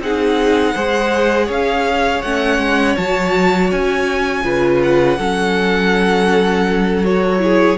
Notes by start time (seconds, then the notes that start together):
0.00 C4 D#4 G#4 F#5
0.75 G#3 G#4 C5
1.46 C#4 C#5
1.52 F5
2.22 A3 C#4 F#5
2.59 G#3
2.97 F#3 F#4 A5
3.72 C#4 G#5
4.44 C#3 F4 B4
4.83 F#5
5.19 F#3 C#4 A4
7.05 F#4 C#5
7.40 E4 G#4